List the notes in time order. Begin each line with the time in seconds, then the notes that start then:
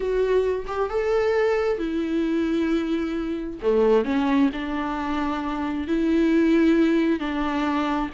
0.00 F#4
0.67 G4
0.89 A4
1.78 E4
3.62 A3
4.04 C#4
4.52 D4
5.87 E4
7.19 D4